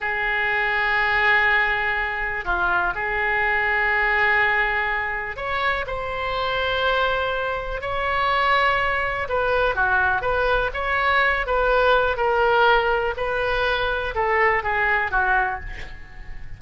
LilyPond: \new Staff \with { instrumentName = "oboe" } { \time 4/4 \tempo 4 = 123 gis'1~ | gis'4 f'4 gis'2~ | gis'2. cis''4 | c''1 |
cis''2. b'4 | fis'4 b'4 cis''4. b'8~ | b'4 ais'2 b'4~ | b'4 a'4 gis'4 fis'4 | }